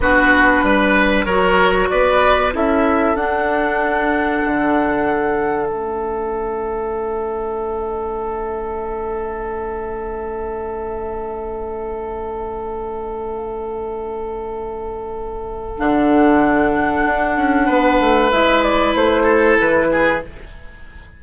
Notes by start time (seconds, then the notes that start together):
0.00 B3 D4 F#4 B4
0.62 G3 B4
1.25 F#3 F#4 A#4 C#5
1.89 B3 B4 D5
2.52 C#4 E4 A4 E5
3.14 D4 F#5
4.45 D3
5.66 A3 C#4 E5
15.77 D3 D4 F#5
17.05 D4
17.36 C#4
17.65 B3 B4
18.00 A3
18.31 G#3 E4 E5
18.63 D5
18.94 A3 C5
19.23 A4
19.60 E3 B4
19.91 G#4